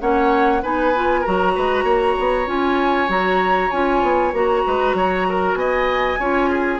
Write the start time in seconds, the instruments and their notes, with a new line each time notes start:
0.00 bassoon A#3, clarinet C#4, oboe C#5, flute F#5
0.62 bassoon B3, clarinet D#4, oboe B4, flute G#5
0.95 clarinet F4
1.21 clarinet F#4, oboe A#4, flute A#5
1.27 bassoon F#3
1.55 bassoon G#3, oboe B4
1.84 bassoon A#3, oboe C#5
2.19 bassoon B3
2.46 bassoon C#4, clarinet F4, flute G#5
3.08 bassoon F#3, clarinet F#4, flute A#5
3.70 bassoon C#4, clarinet F4, flute G#5
4.02 bassoon B3
4.33 bassoon A#3, clarinet F#4, flute A#5
4.66 bassoon G#3, oboe B4
4.94 bassoon F#3, oboe C#5
5.29 oboe A#4
5.55 bassoon B3, oboe D#5, flute G#5
6.19 bassoon C#4, clarinet F4, oboe C#5
6.50 oboe G#4